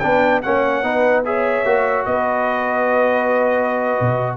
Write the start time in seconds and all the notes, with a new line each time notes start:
0.00 B3 D4 B4 G5
0.42 A#3 C#4 C#5 F#5
0.83 B3 D#4 B4
1.25 G#4 C#5 E5
1.65 A#3 F#4
2.05 B3 B4 D#5
4.01 B2